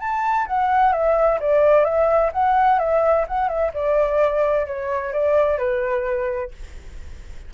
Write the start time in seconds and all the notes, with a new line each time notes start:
0.00 A5
0.47 F#5
0.92 E5
1.40 D5
1.84 E5
2.33 F#5
2.79 E5
3.27 F#5
3.48 E5
3.74 D5
4.66 C#5
5.13 D5
5.58 B4